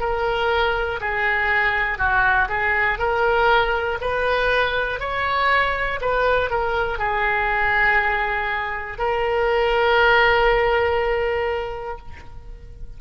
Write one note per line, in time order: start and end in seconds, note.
0.00 1.00 A#4
1.00 1.98 G#4
1.98 2.48 F#4
2.49 2.99 G#4
2.99 3.99 A#4
4.01 5.00 B4
5.00 6.00 C#5
6.01 6.50 B4
6.50 6.99 A#4
6.99 8.99 G#4
8.99 11.99 A#4